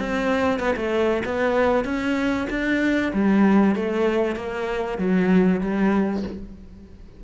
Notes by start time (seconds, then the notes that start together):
0.00 C4
0.59 B3
0.76 A3
1.25 B3
1.84 C#4
2.50 D4
3.13 G3
3.75 A3
4.36 A#3
4.98 F#3
5.61 G3